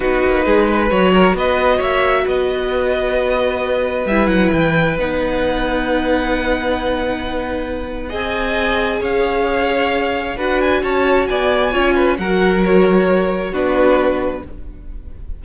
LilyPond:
<<
  \new Staff \with { instrumentName = "violin" } { \time 4/4 \tempo 4 = 133 b'2 cis''4 dis''4 | e''4 dis''2.~ | dis''4 e''8 fis''8 g''4 fis''4~ | fis''1~ |
fis''2 gis''2 | f''2. fis''8 gis''8 | a''4 gis''2 fis''4 | cis''2 b'2 | }
  \new Staff \with { instrumentName = "violin" } { \time 4/4 fis'4 gis'8 b'4 ais'8 b'4 | cis''4 b'2.~ | b'1~ | b'1~ |
b'2 dis''2 | cis''2. b'4 | cis''4 d''4 cis''8 b'8 ais'4~ | ais'2 fis'2 | }
  \new Staff \with { instrumentName = "viola" } { \time 4/4 dis'2 fis'2~ | fis'1~ | fis'4 e'2 dis'4~ | dis'1~ |
dis'2 gis'2~ | gis'2. fis'4~ | fis'2 f'4 fis'4~ | fis'2 d'2 | }
  \new Staff \with { instrumentName = "cello" } { \time 4/4 b8 ais8 gis4 fis4 b4 | ais4 b2.~ | b4 g8 fis8 e4 b4~ | b1~ |
b2 c'2 | cis'2. d'4 | cis'4 b4 cis'4 fis4~ | fis2 b2 | }
>>